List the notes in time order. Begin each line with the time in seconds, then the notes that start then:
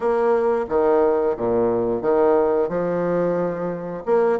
0.00 A#3
0.69 D#3
1.36 A#2
2.01 D#3
2.68 F3
4.05 A#3